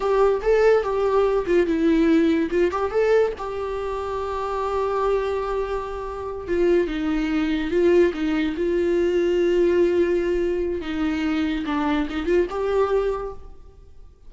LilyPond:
\new Staff \with { instrumentName = "viola" } { \time 4/4 \tempo 4 = 144 g'4 a'4 g'4. f'8 | e'2 f'8 g'8 a'4 | g'1~ | g'2.~ g'8 f'8~ |
f'8 dis'2 f'4 dis'8~ | dis'8 f'2.~ f'8~ | f'2 dis'2 | d'4 dis'8 f'8 g'2 | }